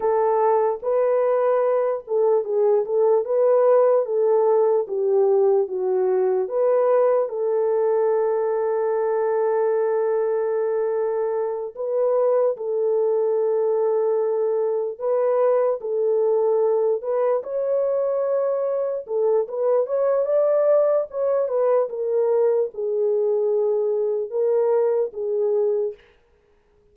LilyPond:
\new Staff \with { instrumentName = "horn" } { \time 4/4 \tempo 4 = 74 a'4 b'4. a'8 gis'8 a'8 | b'4 a'4 g'4 fis'4 | b'4 a'2.~ | a'2~ a'8 b'4 a'8~ |
a'2~ a'8 b'4 a'8~ | a'4 b'8 cis''2 a'8 | b'8 cis''8 d''4 cis''8 b'8 ais'4 | gis'2 ais'4 gis'4 | }